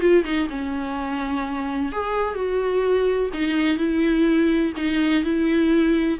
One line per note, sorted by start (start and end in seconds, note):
0.00 0.24 F4
0.24 0.47 D#4
0.49 1.92 C#4
1.92 2.34 G#4
2.34 3.29 F#4
3.33 3.77 D#4
3.77 4.72 E4
4.76 5.23 D#4
5.23 6.19 E4